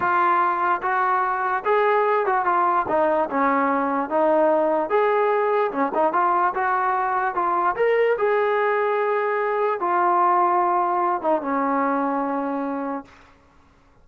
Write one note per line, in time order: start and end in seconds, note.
0.00 0.81 F4
0.82 1.63 F#4
1.65 2.26 G#4
2.26 2.45 F#4
2.45 2.86 F4
2.88 3.29 D#4
3.30 4.09 C#4
4.09 4.89 D#4
4.89 5.71 G#4
5.71 5.92 C#4
5.94 6.12 D#4
6.12 6.53 F4
6.54 7.34 F#4
7.34 7.75 F4
7.76 8.17 A#4
8.18 9.79 G#4
9.79 11.21 F4
11.21 11.41 D#4
11.41 13.05 C#4